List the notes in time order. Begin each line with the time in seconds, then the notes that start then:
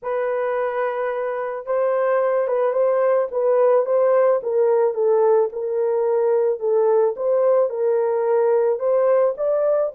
0.02 B4
1.66 C5
2.47 B4
2.72 C5
3.31 B4
3.85 C5
4.43 A#4
4.94 A4
5.52 A#4
6.59 A4
7.16 C5
7.69 A#4
8.79 C5
9.37 D5